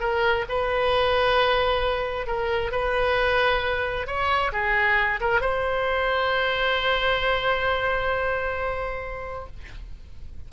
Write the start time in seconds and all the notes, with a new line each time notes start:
0.00 A#4
0.49 B4
2.27 A#4
2.71 B4
4.06 C#5
4.52 G#4
5.20 A#4
5.41 C5